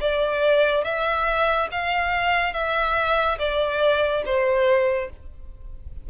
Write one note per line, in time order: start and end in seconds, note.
0.00 0.84 D5
0.84 1.68 E5
1.71 2.54 F5
2.54 3.38 E5
3.38 4.23 D5
4.25 5.10 C5